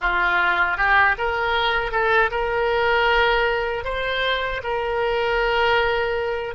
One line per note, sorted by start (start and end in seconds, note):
0.01 0.77 F4
0.77 1.15 G4
1.17 1.91 A#4
1.91 2.30 A4
2.30 3.84 A#4
3.84 4.61 C5
4.63 6.54 A#4